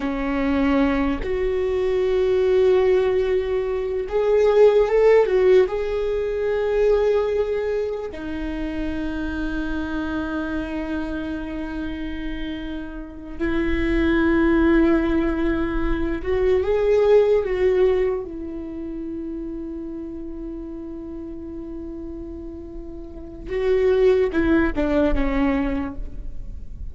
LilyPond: \new Staff \with { instrumentName = "viola" } { \time 4/4 \tempo 4 = 74 cis'4. fis'2~ fis'8~ | fis'4 gis'4 a'8 fis'8 gis'4~ | gis'2 dis'2~ | dis'1~ |
dis'8 e'2.~ e'8 | fis'8 gis'4 fis'4 e'4.~ | e'1~ | e'4 fis'4 e'8 d'8 cis'4 | }